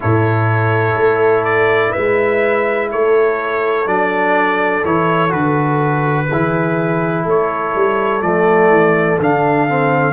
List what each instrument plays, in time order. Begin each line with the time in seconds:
0.00 tuba A2, trombone E4, horn A4, trumpet C#5
0.95 tuba A3
1.44 trumpet D5
1.90 horn B4, trumpet E5
1.96 tuba G#3
2.91 tuba A3, horn A4, trumpet C#5
3.86 tuba F#3, trombone D4, trumpet D5
4.84 tuba E3, trombone E4, trumpet C#5
5.29 tuba D3, trombone F#4, trumpet B4
6.28 tuba E3, trombone E4, horn G#4
7.24 tuba A3, horn A4, trumpet C#5
7.75 tuba G3
8.21 tuba F3, trombone A3, trumpet D5
8.69 tuba E3
9.19 tuba D3, trombone D4, trumpet F5
9.68 trombone C4